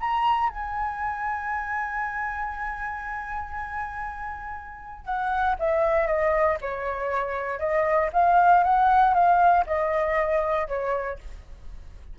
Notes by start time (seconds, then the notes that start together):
0.00 A#5
0.49 G#5
5.05 F#5
5.59 E5
6.07 D#5
6.61 C#5
7.59 D#5
8.13 F5
8.63 F#5
9.14 F5
9.66 D#5
10.67 C#5